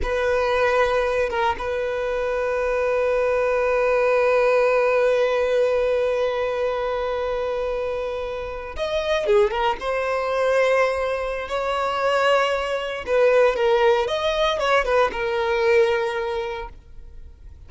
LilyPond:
\new Staff \with { instrumentName = "violin" } { \time 4/4 \tempo 4 = 115 b'2~ b'8 ais'8 b'4~ | b'1~ | b'1~ | b'1~ |
b'8. dis''4 gis'8 ais'8 c''4~ c''16~ | c''2 cis''2~ | cis''4 b'4 ais'4 dis''4 | cis''8 b'8 ais'2. | }